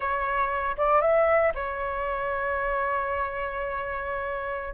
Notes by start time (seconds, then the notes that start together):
0.00 C#5
0.77 D5
1.01 E5
1.55 C#5